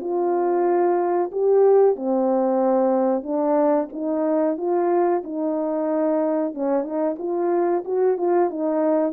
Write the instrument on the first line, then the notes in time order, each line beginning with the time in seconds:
horn
0.00 F4
1.32 G4
1.96 C4
3.23 D4
3.92 D#4
4.57 F4
5.24 D#4
6.54 C#4
6.83 D#4
7.18 F4
7.84 F#4
8.17 F4
8.50 D#4